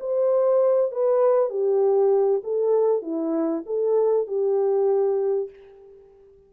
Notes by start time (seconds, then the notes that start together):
0.00 C5
0.92 B4
1.50 G4
2.44 A4
3.02 E4
3.66 A4
4.27 G4